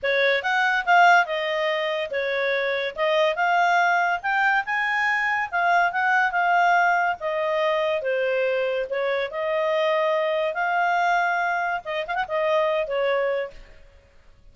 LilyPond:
\new Staff \with { instrumentName = "clarinet" } { \time 4/4 \tempo 4 = 142 cis''4 fis''4 f''4 dis''4~ | dis''4 cis''2 dis''4 | f''2 g''4 gis''4~ | gis''4 f''4 fis''4 f''4~ |
f''4 dis''2 c''4~ | c''4 cis''4 dis''2~ | dis''4 f''2. | dis''8 f''16 fis''16 dis''4. cis''4. | }